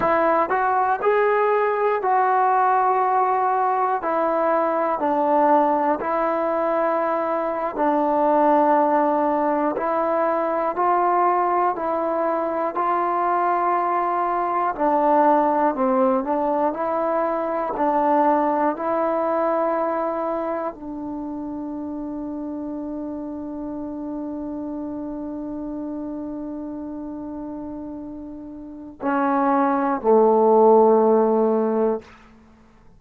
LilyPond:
\new Staff \with { instrumentName = "trombone" } { \time 4/4 \tempo 4 = 60 e'8 fis'8 gis'4 fis'2 | e'4 d'4 e'4.~ e'16 d'16~ | d'4.~ d'16 e'4 f'4 e'16~ | e'8. f'2 d'4 c'16~ |
c'16 d'8 e'4 d'4 e'4~ e'16~ | e'8. d'2.~ d'16~ | d'1~ | d'4 cis'4 a2 | }